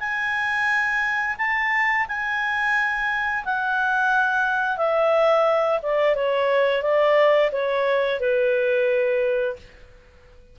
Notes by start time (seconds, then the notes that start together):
0.00 G#5
1.38 A5
2.08 G#5
3.45 F#5
4.78 E5
5.83 D5
6.15 C#5
6.82 D5
7.52 C#5
8.20 B4